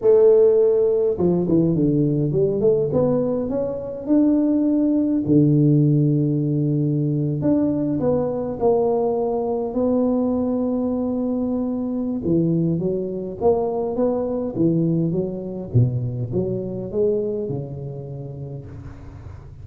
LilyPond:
\new Staff \with { instrumentName = "tuba" } { \time 4/4 \tempo 4 = 103 a2 f8 e8 d4 | g8 a8 b4 cis'4 d'4~ | d'4 d2.~ | d8. d'4 b4 ais4~ ais16~ |
ais8. b2.~ b16~ | b4 e4 fis4 ais4 | b4 e4 fis4 b,4 | fis4 gis4 cis2 | }